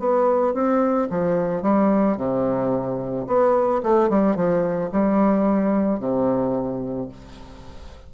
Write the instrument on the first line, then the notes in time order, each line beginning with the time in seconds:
bassoon
0.00 B3
0.54 C4
1.10 F3
1.63 G3
2.17 C3
3.27 B3
3.83 A3
4.10 G3
4.36 F3
4.92 G3
6.00 C3